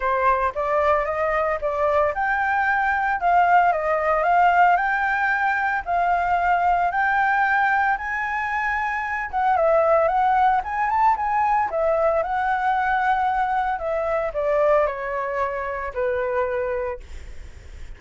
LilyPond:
\new Staff \with { instrumentName = "flute" } { \time 4/4 \tempo 4 = 113 c''4 d''4 dis''4 d''4 | g''2 f''4 dis''4 | f''4 g''2 f''4~ | f''4 g''2 gis''4~ |
gis''4. fis''8 e''4 fis''4 | gis''8 a''8 gis''4 e''4 fis''4~ | fis''2 e''4 d''4 | cis''2 b'2 | }